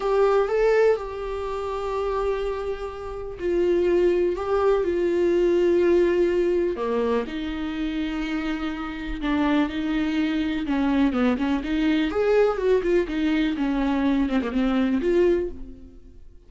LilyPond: \new Staff \with { instrumentName = "viola" } { \time 4/4 \tempo 4 = 124 g'4 a'4 g'2~ | g'2. f'4~ | f'4 g'4 f'2~ | f'2 ais4 dis'4~ |
dis'2. d'4 | dis'2 cis'4 b8 cis'8 | dis'4 gis'4 fis'8 f'8 dis'4 | cis'4. c'16 ais16 c'4 f'4 | }